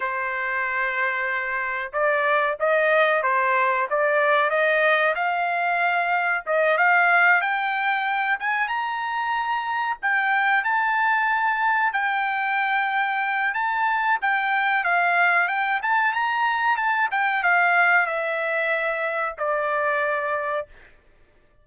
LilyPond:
\new Staff \with { instrumentName = "trumpet" } { \time 4/4 \tempo 4 = 93 c''2. d''4 | dis''4 c''4 d''4 dis''4 | f''2 dis''8 f''4 g''8~ | g''4 gis''8 ais''2 g''8~ |
g''8 a''2 g''4.~ | g''4 a''4 g''4 f''4 | g''8 a''8 ais''4 a''8 g''8 f''4 | e''2 d''2 | }